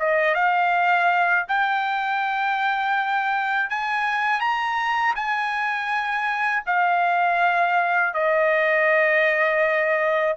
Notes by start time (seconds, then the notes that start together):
0.00 D#5
0.35 F5
1.49 G5
3.70 G#5
4.41 A#5
5.16 G#5
6.67 F5
8.14 D#5